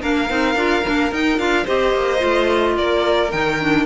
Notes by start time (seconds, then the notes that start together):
0.00 A#3 D4 A#4 F5
0.28 C4 D#4
0.55 D4 F4
0.84 A#3 D4
1.12 D#4 G5
1.38 D4 F4 F5
1.63 C4 G4 C5 D#5
1.94 A#3
2.19 A3 F4
2.77 A#3 A#4 D5
3.31 D#3 D#4 G5
3.60 D4